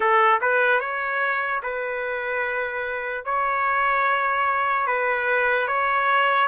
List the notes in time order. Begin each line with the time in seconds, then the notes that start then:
0.00 A4
0.41 B4
0.80 C#5
1.63 B4
3.24 C#5
4.86 B4
5.67 C#5